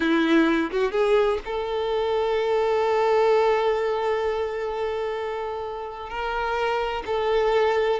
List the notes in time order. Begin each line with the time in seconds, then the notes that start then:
0.00 E4
0.71 F#4
0.91 G#4
1.45 A4
6.09 A#4
7.05 A4